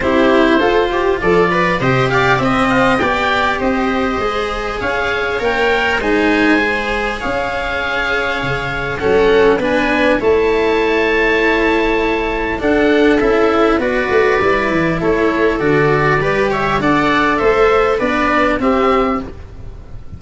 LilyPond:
<<
  \new Staff \with { instrumentName = "oboe" } { \time 4/4 \tempo 4 = 100 c''2 d''4 dis''8 f''8 | e''8 f''8 g''4 dis''2 | f''4 g''4 gis''2 | f''2. fis''4 |
gis''4 a''2.~ | a''4 fis''4 e''4 d''4~ | d''4 cis''4 d''4. e''8 | fis''4 e''4 d''4 e''4 | }
  \new Staff \with { instrumentName = "viola" } { \time 4/4 g'4 a'8 g'8 a'8 b'8 c''8 d''8 | dis''4 d''4 c''2 | cis''2 c''2 | cis''2. a'4 |
b'4 cis''2.~ | cis''4 a'2 b'4~ | b'4 a'2 b'8 cis''8 | d''4 c''4 b'4 g'4 | }
  \new Staff \with { instrumentName = "cello" } { \time 4/4 e'4 f'2 g'4 | c'4 g'2 gis'4~ | gis'4 ais'4 dis'4 gis'4~ | gis'2. cis'4 |
d'4 e'2.~ | e'4 d'4 e'4 fis'4 | e'2 fis'4 g'4 | a'2 d'4 c'4 | }
  \new Staff \with { instrumentName = "tuba" } { \time 4/4 c'4 f'4 f4 c4 | c'4 b4 c'4 gis4 | cis'4 ais4 gis2 | cis'2 cis4 fis4 |
b4 a2.~ | a4 d'4 cis'4 b8 a8 | g8 e8 a4 d4 g4 | d'4 a4 b4 c'4 | }
>>